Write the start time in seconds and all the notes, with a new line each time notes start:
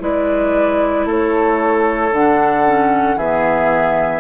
0.00 G#3 E4 B4 D5
1.05 A3 A4 C#5
2.11 D3 D4 F#5
2.66 C#4
3.16 E3 B3 G#4 E5